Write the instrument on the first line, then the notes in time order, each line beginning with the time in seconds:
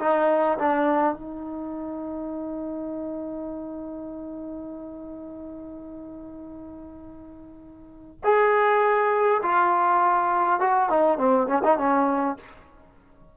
trombone
0.00 D#4
0.59 D4
1.15 D#4
8.25 G#4
9.43 F4
10.61 F#4
10.90 D#4
11.18 C4
11.48 C#4
11.64 D#4
11.78 C#4